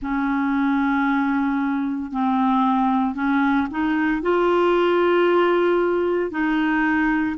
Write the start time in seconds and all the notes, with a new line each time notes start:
0.02 C#4
2.11 C4
3.14 C#4
3.70 D#4
4.22 F4
6.31 D#4